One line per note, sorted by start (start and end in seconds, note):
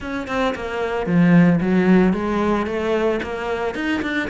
0.00 0.27 C#4
0.27 0.54 C4
0.55 1.06 A#3
1.06 1.59 F3
1.60 2.13 F#3
2.13 2.66 G#3
2.66 3.19 A3
3.22 3.75 A#3
3.75 4.01 D#4
4.02 4.29 D4